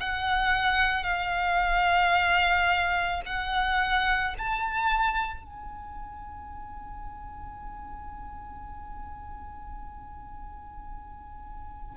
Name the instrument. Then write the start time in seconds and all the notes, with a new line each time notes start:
violin
0.00 F#5
1.03 F5
3.26 F#5
4.38 A5
5.44 G#5